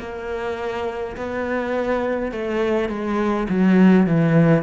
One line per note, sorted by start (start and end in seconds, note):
0.00 1.17 A#3
1.17 2.32 B3
2.32 2.89 A3
2.89 3.48 G#3
3.50 4.07 F#3
4.07 4.63 E3